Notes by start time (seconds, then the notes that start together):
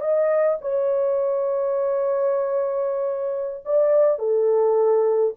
0.00 D#5
0.61 C#5
3.65 D5
4.18 A4